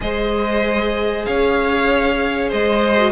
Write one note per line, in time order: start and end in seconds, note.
0.00 1.26 G#3
0.00 2.96 G#4
0.00 1.27 C5
0.00 1.25 D#5
1.25 2.52 C#4
1.25 2.48 C#5
1.25 2.50 F5
2.48 3.12 G#3
2.48 3.11 C5
2.48 3.12 D#5
2.96 3.12 F#4